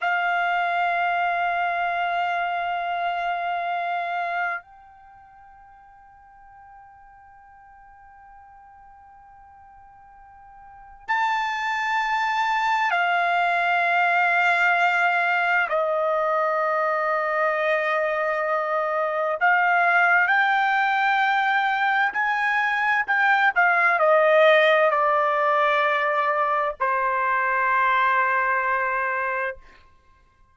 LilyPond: \new Staff \with { instrumentName = "trumpet" } { \time 4/4 \tempo 4 = 65 f''1~ | f''4 g''2.~ | g''1 | a''2 f''2~ |
f''4 dis''2.~ | dis''4 f''4 g''2 | gis''4 g''8 f''8 dis''4 d''4~ | d''4 c''2. | }